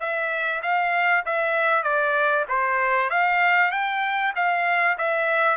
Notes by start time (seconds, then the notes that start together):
0.00 E5
0.62 F5
1.26 E5
1.83 D5
2.49 C5
3.10 F5
3.71 G5
4.36 F5
4.98 E5